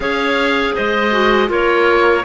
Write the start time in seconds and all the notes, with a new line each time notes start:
0.00 C#4 G#4 C#5 F5
0.74 G#3 C5 D#5
1.11 F#4
1.47 A#3 F4 A#4 C#5